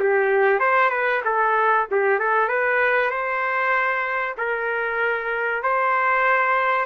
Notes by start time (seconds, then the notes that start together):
0.00 G4
0.60 C5
0.90 B4
1.25 A4
1.91 G4
2.20 A4
2.49 B4
3.11 C5
4.38 A#4
5.63 C5